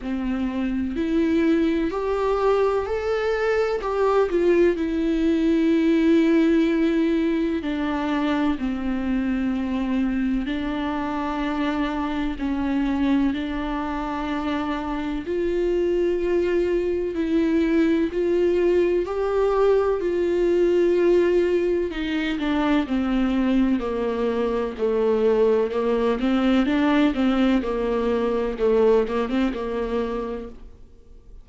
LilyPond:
\new Staff \with { instrumentName = "viola" } { \time 4/4 \tempo 4 = 63 c'4 e'4 g'4 a'4 | g'8 f'8 e'2. | d'4 c'2 d'4~ | d'4 cis'4 d'2 |
f'2 e'4 f'4 | g'4 f'2 dis'8 d'8 | c'4 ais4 a4 ais8 c'8 | d'8 c'8 ais4 a8 ais16 c'16 ais4 | }